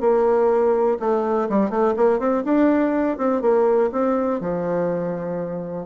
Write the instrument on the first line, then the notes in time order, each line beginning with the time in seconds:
bassoon
0.00 A#3
0.99 A3
1.49 G3
1.70 A3
1.96 A#3
2.19 C4
2.44 D4
3.17 C4
3.41 A#3
3.92 C4
4.40 F3